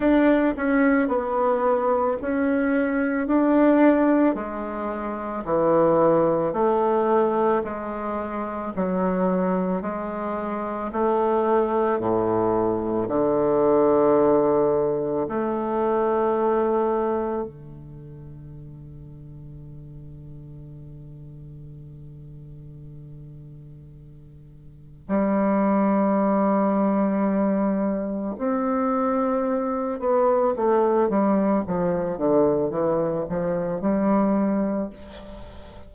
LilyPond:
\new Staff \with { instrumentName = "bassoon" } { \time 4/4 \tempo 4 = 55 d'8 cis'8 b4 cis'4 d'4 | gis4 e4 a4 gis4 | fis4 gis4 a4 a,4 | d2 a2 |
d1~ | d2. g4~ | g2 c'4. b8 | a8 g8 f8 d8 e8 f8 g4 | }